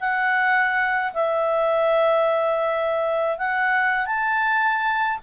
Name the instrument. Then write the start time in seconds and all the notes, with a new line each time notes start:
clarinet
0.00 F#5
1.14 E5
3.38 F#5
4.06 A5